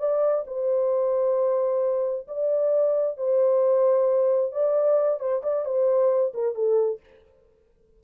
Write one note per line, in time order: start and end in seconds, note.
0.00 0.45 D5
0.47 2.28 C5
2.28 3.18 D5
3.18 4.53 C5
4.53 5.20 D5
5.20 5.43 C5
5.43 5.66 D5
5.66 6.33 C5
6.34 6.55 A#4
6.55 7.00 A4